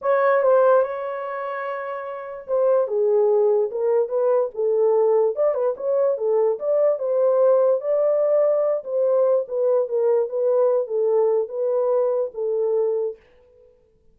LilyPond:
\new Staff \with { instrumentName = "horn" } { \time 4/4 \tempo 4 = 146 cis''4 c''4 cis''2~ | cis''2 c''4 gis'4~ | gis'4 ais'4 b'4 a'4~ | a'4 d''8 b'8 cis''4 a'4 |
d''4 c''2 d''4~ | d''4. c''4. b'4 | ais'4 b'4. a'4. | b'2 a'2 | }